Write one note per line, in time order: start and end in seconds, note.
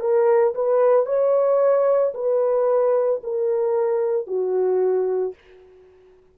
0.00 0.54 A#4
0.54 1.06 B4
1.06 2.13 C#5
2.14 3.21 B4
3.23 4.27 A#4
4.27 5.34 F#4